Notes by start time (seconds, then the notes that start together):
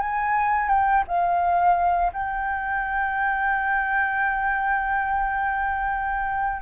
0.00 G#5
0.69 G5
1.08 F5
2.13 G5